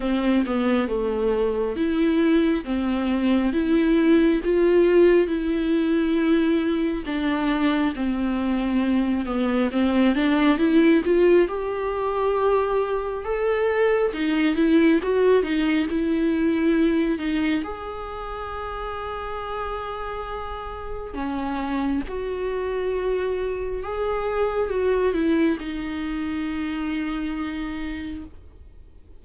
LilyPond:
\new Staff \with { instrumentName = "viola" } { \time 4/4 \tempo 4 = 68 c'8 b8 a4 e'4 c'4 | e'4 f'4 e'2 | d'4 c'4. b8 c'8 d'8 | e'8 f'8 g'2 a'4 |
dis'8 e'8 fis'8 dis'8 e'4. dis'8 | gis'1 | cis'4 fis'2 gis'4 | fis'8 e'8 dis'2. | }